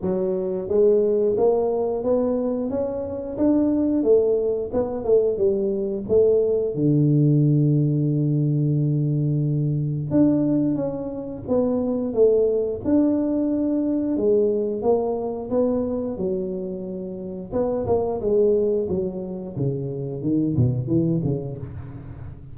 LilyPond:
\new Staff \with { instrumentName = "tuba" } { \time 4/4 \tempo 4 = 89 fis4 gis4 ais4 b4 | cis'4 d'4 a4 b8 a8 | g4 a4 d2~ | d2. d'4 |
cis'4 b4 a4 d'4~ | d'4 gis4 ais4 b4 | fis2 b8 ais8 gis4 | fis4 cis4 dis8 b,8 e8 cis8 | }